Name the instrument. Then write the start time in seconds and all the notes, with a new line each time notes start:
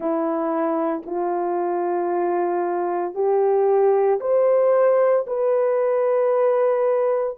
horn
0.00 E4
1.06 F4
3.14 G4
4.20 C5
5.26 B4